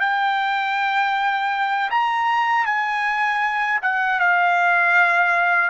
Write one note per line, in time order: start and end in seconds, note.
0.00 1.90 G5
1.90 2.65 A#5
2.65 3.79 G#5
3.82 4.19 F#5
4.19 5.70 F5